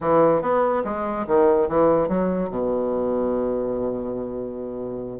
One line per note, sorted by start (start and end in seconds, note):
0.00 0.41 E3
0.41 0.83 B3
0.84 1.26 G#3
1.27 1.68 D#3
1.68 2.08 E3
2.08 2.49 F#3
2.49 5.20 B2